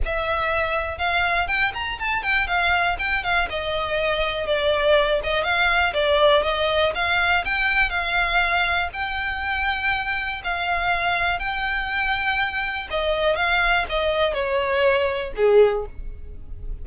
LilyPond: \new Staff \with { instrumentName = "violin" } { \time 4/4 \tempo 4 = 121 e''2 f''4 g''8 ais''8 | a''8 g''8 f''4 g''8 f''8 dis''4~ | dis''4 d''4. dis''8 f''4 | d''4 dis''4 f''4 g''4 |
f''2 g''2~ | g''4 f''2 g''4~ | g''2 dis''4 f''4 | dis''4 cis''2 gis'4 | }